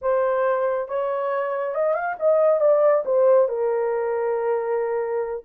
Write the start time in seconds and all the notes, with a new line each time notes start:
0.01 C5
0.88 C#5
1.74 D#5
1.93 F5
2.19 D#5
2.60 D5
3.05 C5
3.48 A#4